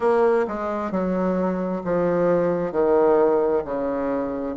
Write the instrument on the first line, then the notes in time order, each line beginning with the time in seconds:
bassoon
0.00 A#3
0.48 G#3
0.91 F#3
1.84 F3
2.71 D#3
3.64 C#3